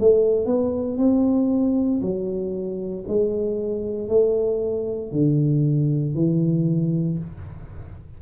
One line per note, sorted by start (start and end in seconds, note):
0.00 0.46 A3
0.46 0.97 B3
0.98 2.01 C4
2.01 3.05 F#3
3.08 4.09 G#3
4.09 5.12 A3
5.12 6.15 D3
6.15 7.18 E3